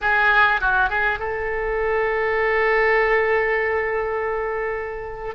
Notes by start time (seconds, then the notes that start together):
0.01 G#4
0.60 F#4
0.89 G#4
1.19 A4